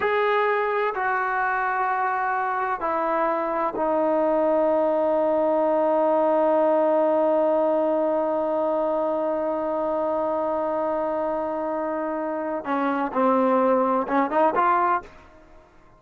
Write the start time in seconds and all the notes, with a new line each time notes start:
0.00 G#4
0.95 F#4
2.80 E4
3.75 D#4
12.64 C#4
13.12 C4
14.07 C#4
14.30 D#4
14.55 F4